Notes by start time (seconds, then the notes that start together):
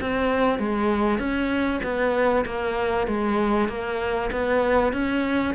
0.00 C4
0.59 G#3
1.18 C#4
1.83 B3
2.45 A#3
3.07 G#3
3.68 A#3
4.32 B3
4.93 C#4